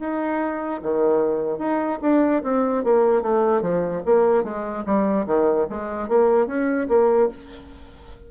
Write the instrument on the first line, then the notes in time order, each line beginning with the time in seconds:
bassoon
0.00 D#4
0.83 D#3
1.59 D#4
2.02 D4
2.44 C4
2.85 A#3
3.22 A3
3.62 F3
4.06 A#3
4.44 G#3
4.86 G3
5.27 D#3
5.70 G#3
6.09 A#3
6.47 C#4
6.89 A#3